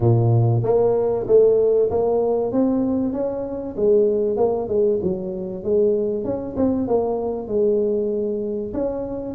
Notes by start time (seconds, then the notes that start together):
0.00 A#2
0.63 A#3
1.27 A3
1.90 A#3
2.52 C4
3.12 C#4
3.76 G#3
4.37 A#3
4.68 G#3
5.02 F#3
5.63 G#3
6.24 C#4
6.56 C4
6.88 A#3
7.47 G#3
8.73 C#4